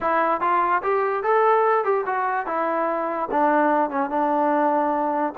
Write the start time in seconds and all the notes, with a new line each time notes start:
0.00 E4
0.41 F4
0.82 G4
1.23 A4
1.84 G4
2.06 F#4
2.46 E4
3.31 D4
3.90 C#4
4.09 D4